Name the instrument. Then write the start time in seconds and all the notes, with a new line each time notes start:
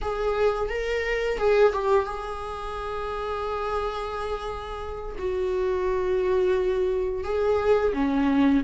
viola
0.01 G#4
0.69 A#4
1.38 G#4
1.72 G4
2.05 G#4
5.18 F#4
7.24 G#4
7.93 C#4